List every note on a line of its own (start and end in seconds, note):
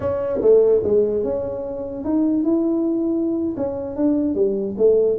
0.00 0.40 C#4
0.41 0.82 A3
0.83 1.23 G#3
1.23 2.04 C#4
2.04 2.43 D#4
2.43 3.55 E4
3.57 3.95 C#4
3.95 4.34 D4
4.34 4.75 G3
4.77 5.18 A3